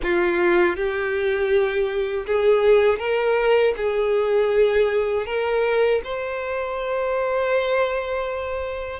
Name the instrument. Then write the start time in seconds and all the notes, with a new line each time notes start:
violin
0.02 F4
0.76 G4
2.26 G#4
2.98 A#4
3.77 G#4
5.26 A#4
6.04 C5